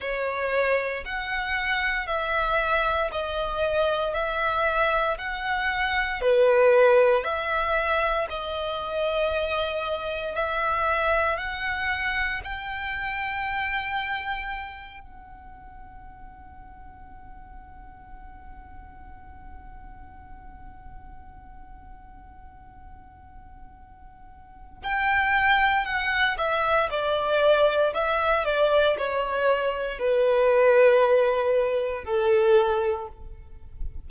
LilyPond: \new Staff \with { instrumentName = "violin" } { \time 4/4 \tempo 4 = 58 cis''4 fis''4 e''4 dis''4 | e''4 fis''4 b'4 e''4 | dis''2 e''4 fis''4 | g''2~ g''8 fis''4.~ |
fis''1~ | fis''1 | g''4 fis''8 e''8 d''4 e''8 d''8 | cis''4 b'2 a'4 | }